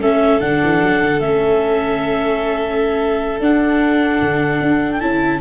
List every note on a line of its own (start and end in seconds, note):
0.00 0.40 A3
0.00 0.41 C#4
0.00 5.41 A4
0.00 0.41 E5
0.41 0.61 D3
0.41 1.21 D4
0.41 1.21 F#5
0.64 0.83 E3
0.83 1.03 F#3
1.03 1.21 D3
1.21 3.40 A3
1.21 3.42 C#4
1.21 3.41 E5
3.40 4.20 D4
3.40 5.01 D4
3.40 4.92 F#5
4.22 4.61 D3
4.61 5.01 D4
4.92 5.00 G5
5.00 5.41 C#4
5.00 5.41 E4
5.00 5.40 A5